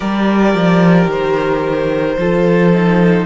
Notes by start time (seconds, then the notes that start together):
0.00 G3 G4 A#4 D5
0.55 F3
1.06 D#3 C5
2.17 F3 F4 A4
2.73 D#4